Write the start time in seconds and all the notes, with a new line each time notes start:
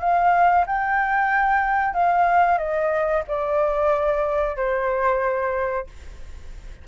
0.00 F5
0.66 G5
1.94 F5
2.58 D#5
3.28 D5
4.56 C5